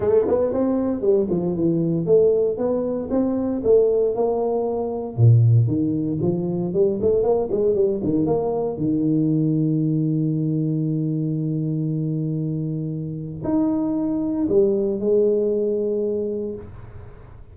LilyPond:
\new Staff \with { instrumentName = "tuba" } { \time 4/4 \tempo 4 = 116 a8 b8 c'4 g8 f8 e4 | a4 b4 c'4 a4 | ais2 ais,4 dis4 | f4 g8 a8 ais8 gis8 g8 dis8 |
ais4 dis2.~ | dis1~ | dis2 dis'2 | g4 gis2. | }